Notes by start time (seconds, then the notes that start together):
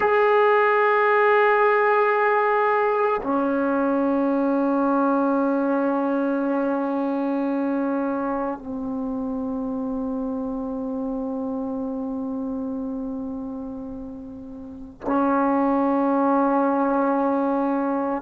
0.00 G#4
3.22 C#4
8.58 C4
15.01 C#4